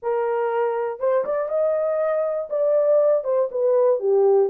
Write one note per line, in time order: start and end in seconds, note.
0.02 0.99 A#4
0.99 1.24 C5
1.25 1.48 D5
1.48 2.48 D#5
2.49 3.24 D5
3.24 3.49 C5
3.51 3.99 B4
3.99 4.49 G4